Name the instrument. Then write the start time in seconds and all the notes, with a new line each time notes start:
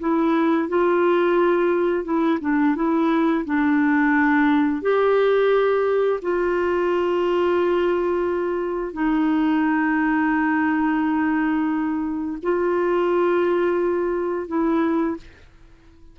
clarinet
0.00 E4
0.69 F4
2.04 E4
2.41 D4
2.76 E4
3.45 D4
4.82 G4
6.22 F4
8.93 D#4
12.43 F4
14.48 E4